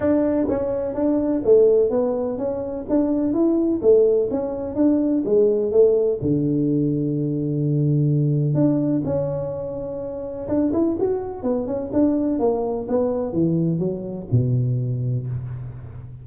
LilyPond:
\new Staff \with { instrumentName = "tuba" } { \time 4/4 \tempo 4 = 126 d'4 cis'4 d'4 a4 | b4 cis'4 d'4 e'4 | a4 cis'4 d'4 gis4 | a4 d2.~ |
d2 d'4 cis'4~ | cis'2 d'8 e'8 fis'4 | b8 cis'8 d'4 ais4 b4 | e4 fis4 b,2 | }